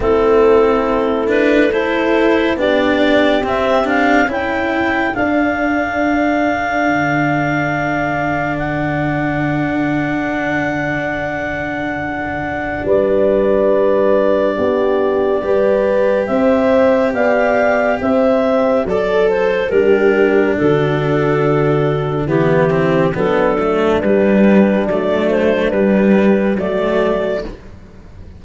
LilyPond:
<<
  \new Staff \with { instrumentName = "clarinet" } { \time 4/4 \tempo 4 = 70 a'4. b'8 c''4 d''4 | e''8 f''8 g''4 f''2~ | f''2 fis''2~ | fis''2. d''4~ |
d''2. e''4 | f''4 e''4 d''8 c''8 ais'4 | a'2 g'4 a'4 | b'4 d''8 c''8 b'4 d''4 | }
  \new Staff \with { instrumentName = "horn" } { \time 4/4 e'2 a'4 g'4~ | g'4 a'2.~ | a'1~ | a'2. b'4~ |
b'4 g'4 b'4 c''4 | d''4 c''4 a'4 g'4 | fis'2 e'4 d'4~ | d'2. fis'4 | }
  \new Staff \with { instrumentName = "cello" } { \time 4/4 c'4. d'8 e'4 d'4 | c'8 d'8 e'4 d'2~ | d'1~ | d'1~ |
d'2 g'2~ | g'2 a'4 d'4~ | d'2 b8 c'8 b8 a8 | g4 a4 g4 a4 | }
  \new Staff \with { instrumentName = "tuba" } { \time 4/4 a2. b4 | c'4 cis'4 d'2 | d1~ | d2. g4~ |
g4 b4 g4 c'4 | b4 c'4 fis4 g4 | d2 e4 fis4 | g4 fis4 g4 fis4 | }
>>